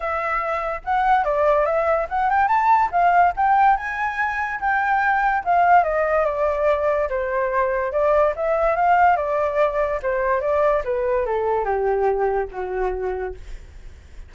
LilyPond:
\new Staff \with { instrumentName = "flute" } { \time 4/4 \tempo 4 = 144 e''2 fis''4 d''4 | e''4 fis''8 g''8 a''4 f''4 | g''4 gis''2 g''4~ | g''4 f''4 dis''4 d''4~ |
d''4 c''2 d''4 | e''4 f''4 d''2 | c''4 d''4 b'4 a'4 | g'2 fis'2 | }